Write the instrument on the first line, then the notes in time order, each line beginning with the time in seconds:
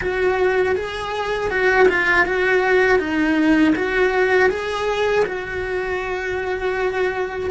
cello
0.01 F#4
0.75 G#4
1.50 F#4
1.88 F4
2.25 F#4
2.99 D#4
3.75 F#4
4.49 G#4
5.25 F#4